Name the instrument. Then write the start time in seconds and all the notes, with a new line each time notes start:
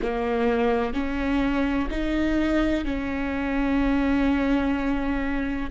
viola
0.02 A#3
0.93 C#4
1.90 D#4
2.84 C#4